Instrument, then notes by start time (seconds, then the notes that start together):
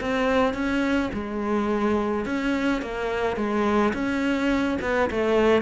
cello
0.00 C4
0.54 C#4
1.13 G#3
2.25 C#4
2.81 A#3
3.36 G#3
3.93 C#4
4.81 B3
5.10 A3